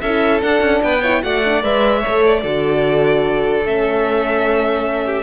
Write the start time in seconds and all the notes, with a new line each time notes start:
0.00 C#4 E4 A4 E5
0.40 D4 F#5
0.60 C#4
0.82 B3 B4 G5
1.01 E4 C#5
1.22 A3 F#4 D5 F#5
1.45 D4
1.62 G#3 B4 E5
2.00 A4 C#5
2.07 A3
2.26 D5
2.42 D3 F#4 A4
3.64 A3 C#4 E5
5.05 G4